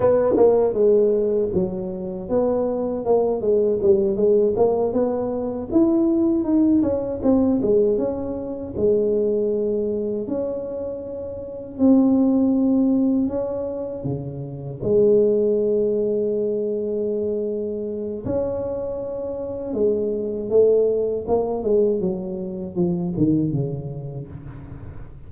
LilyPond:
\new Staff \with { instrumentName = "tuba" } { \time 4/4 \tempo 4 = 79 b8 ais8 gis4 fis4 b4 | ais8 gis8 g8 gis8 ais8 b4 e'8~ | e'8 dis'8 cis'8 c'8 gis8 cis'4 gis8~ | gis4. cis'2 c'8~ |
c'4. cis'4 cis4 gis8~ | gis1 | cis'2 gis4 a4 | ais8 gis8 fis4 f8 dis8 cis4 | }